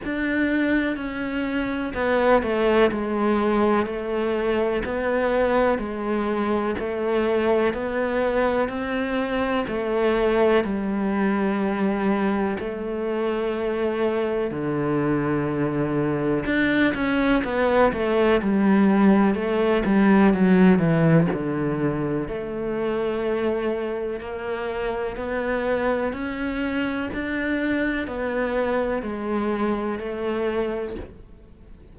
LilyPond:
\new Staff \with { instrumentName = "cello" } { \time 4/4 \tempo 4 = 62 d'4 cis'4 b8 a8 gis4 | a4 b4 gis4 a4 | b4 c'4 a4 g4~ | g4 a2 d4~ |
d4 d'8 cis'8 b8 a8 g4 | a8 g8 fis8 e8 d4 a4~ | a4 ais4 b4 cis'4 | d'4 b4 gis4 a4 | }